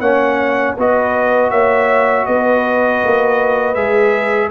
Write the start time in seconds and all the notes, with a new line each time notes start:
0.00 A#3 C#4 C#5 F#5
0.77 B3 F#4 B4 D#5
1.51 A#3 C#5 E5
2.26 B3 B4 D#5
3.05 A#3
3.75 G#3 G#4 E5